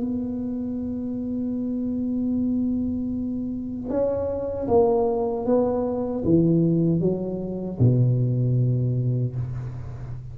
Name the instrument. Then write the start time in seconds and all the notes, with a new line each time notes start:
tuba
0.00 B3
3.89 C#4
4.68 A#3
5.45 B3
6.24 E3
7.00 F#3
7.79 B2